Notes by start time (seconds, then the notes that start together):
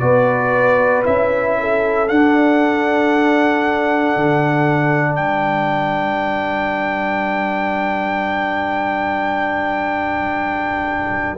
0.00 B3 F#4 B4 D5
1.04 C#4 E4 E5
1.60 A4
2.09 D4 F#5
4.16 D3
5.16 G3 B4 G5